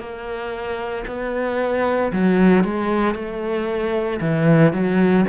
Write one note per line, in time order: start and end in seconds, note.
0.00 1.05 A#3
1.07 2.12 B3
2.13 2.64 F#3
2.64 3.15 G#3
3.15 4.20 A3
4.21 4.73 E3
4.73 5.25 F#3